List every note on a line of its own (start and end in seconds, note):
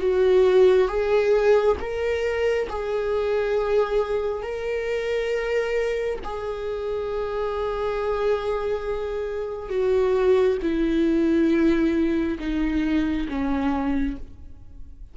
0.00 0.88 F#4
0.88 1.76 G#4
1.80 2.68 A#4
2.70 4.42 G#4
4.42 6.19 A#4
6.24 9.70 G#4
9.70 10.58 F#4
10.62 12.39 E4
12.40 13.28 D#4
13.29 14.17 C#4